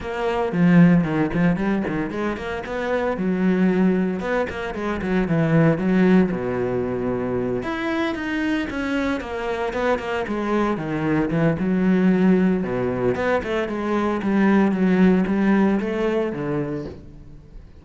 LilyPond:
\new Staff \with { instrumentName = "cello" } { \time 4/4 \tempo 4 = 114 ais4 f4 dis8 f8 g8 dis8 | gis8 ais8 b4 fis2 | b8 ais8 gis8 fis8 e4 fis4 | b,2~ b,8 e'4 dis'8~ |
dis'8 cis'4 ais4 b8 ais8 gis8~ | gis8 dis4 e8 fis2 | b,4 b8 a8 gis4 g4 | fis4 g4 a4 d4 | }